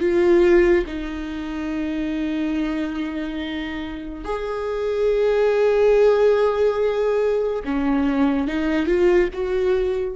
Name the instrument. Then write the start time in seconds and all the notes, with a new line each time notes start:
viola
0.00 F4
0.86 D#4
4.24 G#4
7.65 C#4
8.47 D#4
8.87 F4
9.33 F#4